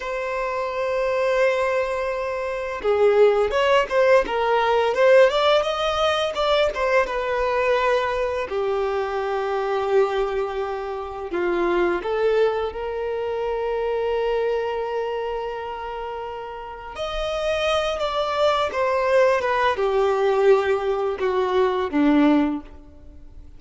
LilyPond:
\new Staff \with { instrumentName = "violin" } { \time 4/4 \tempo 4 = 85 c''1 | gis'4 cis''8 c''8 ais'4 c''8 d''8 | dis''4 d''8 c''8 b'2 | g'1 |
f'4 a'4 ais'2~ | ais'1 | dis''4. d''4 c''4 b'8 | g'2 fis'4 d'4 | }